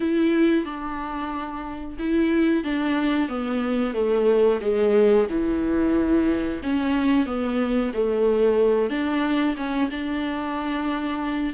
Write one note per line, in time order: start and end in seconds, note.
0.00 0.65 E4
0.65 1.97 D4
1.98 2.64 E4
2.64 3.28 D4
3.28 3.94 B3
3.94 4.60 A3
4.61 5.27 G#3
5.29 6.61 E3
6.62 7.26 C#4
7.26 7.92 B3
7.93 8.90 A3
8.90 9.55 D4
9.56 9.89 C#4
9.90 11.53 D4